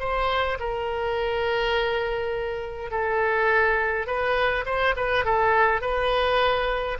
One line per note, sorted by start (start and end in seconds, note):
0.00 0.58 C5
0.60 2.91 A#4
2.91 4.07 A4
4.07 4.65 B4
4.66 4.95 C5
4.97 5.25 B4
5.25 5.82 A4
5.82 6.98 B4